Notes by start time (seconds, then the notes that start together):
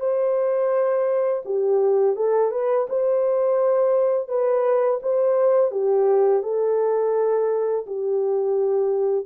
0.00 C5
1.45 G4
2.16 A4
2.52 B4
2.89 C5
4.29 B4
5.03 C5
5.71 G4
6.43 A4
7.87 G4